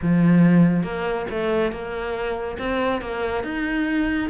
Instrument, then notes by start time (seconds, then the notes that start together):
cello
0.02 F3
0.83 A#3
1.30 A3
1.71 A#3
2.58 C4
3.01 A#3
3.43 D#4